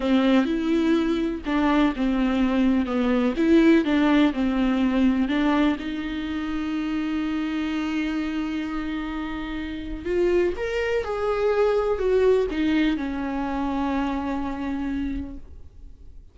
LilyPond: \new Staff \with { instrumentName = "viola" } { \time 4/4 \tempo 4 = 125 c'4 e'2 d'4 | c'2 b4 e'4 | d'4 c'2 d'4 | dis'1~ |
dis'1~ | dis'4 f'4 ais'4 gis'4~ | gis'4 fis'4 dis'4 cis'4~ | cis'1 | }